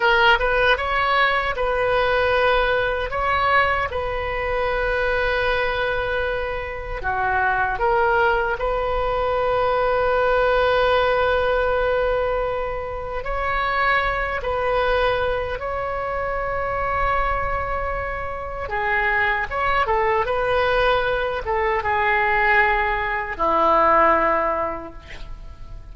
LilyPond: \new Staff \with { instrumentName = "oboe" } { \time 4/4 \tempo 4 = 77 ais'8 b'8 cis''4 b'2 | cis''4 b'2.~ | b'4 fis'4 ais'4 b'4~ | b'1~ |
b'4 cis''4. b'4. | cis''1 | gis'4 cis''8 a'8 b'4. a'8 | gis'2 e'2 | }